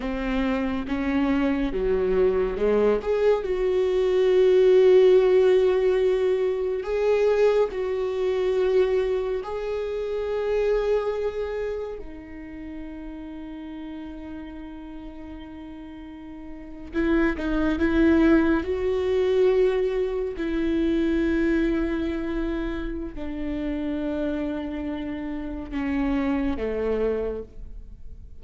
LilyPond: \new Staff \with { instrumentName = "viola" } { \time 4/4 \tempo 4 = 70 c'4 cis'4 fis4 gis8 gis'8 | fis'1 | gis'4 fis'2 gis'4~ | gis'2 dis'2~ |
dis'2.~ dis'8. e'16~ | e'16 dis'8 e'4 fis'2 e'16~ | e'2. d'4~ | d'2 cis'4 a4 | }